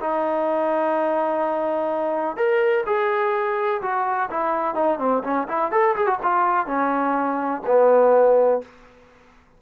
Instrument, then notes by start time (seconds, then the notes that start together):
trombone
0.00 D#4
2.36 A#4
2.86 G#4
3.81 F#4
4.30 E4
4.74 D#4
4.98 C4
5.23 C#4
5.48 E4
5.71 A4
5.95 G#4
6.06 F#4
6.22 F4
6.66 C#4
7.66 B3